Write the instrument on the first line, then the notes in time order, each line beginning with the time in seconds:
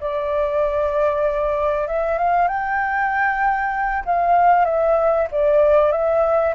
flute
0.00 D5
1.87 E5
2.18 F5
2.47 G5
4.05 F5
4.64 E5
5.31 D5
5.91 E5